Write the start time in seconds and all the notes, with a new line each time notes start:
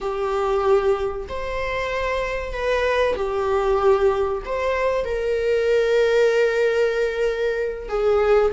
0.00 G4
1.28 C5
2.52 B4
3.16 G4
4.45 C5
5.04 A#4
7.89 G#4